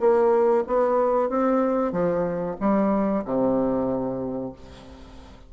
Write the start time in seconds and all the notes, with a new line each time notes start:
0.00 A#3
0.67 B3
1.29 C4
1.92 F3
2.60 G3
3.25 C3